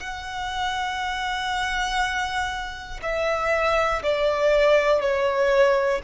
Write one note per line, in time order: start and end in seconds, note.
0.00 3.00 F#5
3.02 4.02 E5
4.02 5.01 D5
5.01 6.01 C#5